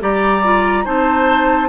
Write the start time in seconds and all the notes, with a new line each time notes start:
0.00 G3 G4 D5 A#5
0.43 F4
0.85 C4 D#4 C5 A5